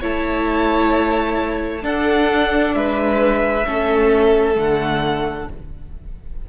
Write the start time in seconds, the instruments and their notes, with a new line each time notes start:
0.00 cello A3, viola E4, violin C#5 A5
1.81 viola D4, cello D4, violin A4 F#5
2.74 cello G#3, violin B4 E5
3.65 cello A3, viola C#4, violin A4
4.55 cello D3, viola A3, violin F#5